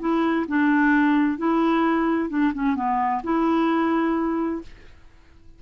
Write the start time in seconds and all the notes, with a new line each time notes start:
0.00 E4
0.48 D4
1.38 E4
2.30 D4
2.54 C#4
2.76 B3
3.23 E4